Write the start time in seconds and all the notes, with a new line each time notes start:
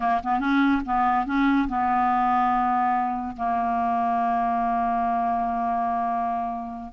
0.00 A#3
0.23 B3
0.39 C#4
0.85 B3
1.26 C#4
1.68 B3
3.36 A#3